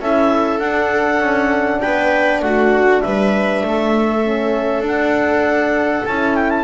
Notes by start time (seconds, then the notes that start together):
0.00 C#4 E4 A4 E5
0.59 D4 F#5
1.20 C#4
1.80 B3 B4 G5
2.41 A3 F#4 F#5
3.01 G3 B4 E5
3.62 A3
3.68 A4
4.24 C#4
4.81 D4
4.87 F#5
6.05 C#4 E4 A5
6.35 G5
6.50 A5